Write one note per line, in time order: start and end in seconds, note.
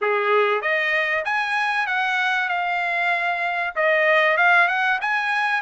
0.01 0.61 G#4
0.61 1.24 D#5
1.24 1.86 G#5
1.86 2.49 F#5
2.49 3.74 F5
3.75 4.37 D#5
4.37 4.68 F5
4.68 4.99 F#5
5.01 5.61 G#5